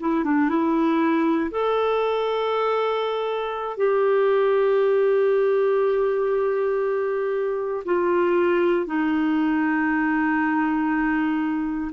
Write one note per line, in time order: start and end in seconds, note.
0.00 0.24 E4
0.24 0.49 D4
0.49 1.51 E4
1.51 3.77 A4
3.77 7.84 G4
7.85 8.87 F4
8.87 11.92 D#4